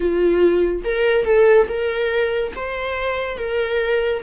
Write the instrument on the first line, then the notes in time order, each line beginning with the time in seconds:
viola
0.00 F4
0.84 A#4
1.24 A4
1.67 A#4
2.55 C5
3.37 A#4